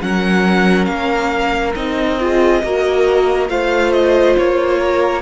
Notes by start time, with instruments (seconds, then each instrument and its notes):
0.00 cello F#3, viola C#4, violin A#4 F#5
0.85 cello A#3, violin F5
1.75 cello C4, viola D#4, violin D#5
2.19 viola F4, violin G#4
2.63 cello A#3, viola F#4, violin A#4
3.48 cello A3, viola F4, violin C5 F5
3.92 violin D#5
4.37 cello A#3, violin C#5
4.79 violin A#4